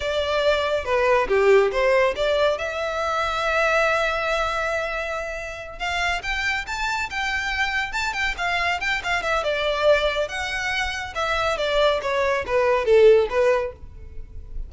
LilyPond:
\new Staff \with { instrumentName = "violin" } { \time 4/4 \tempo 4 = 140 d''2 b'4 g'4 | c''4 d''4 e''2~ | e''1~ | e''4. f''4 g''4 a''8~ |
a''8 g''2 a''8 g''8 f''8~ | f''8 g''8 f''8 e''8 d''2 | fis''2 e''4 d''4 | cis''4 b'4 a'4 b'4 | }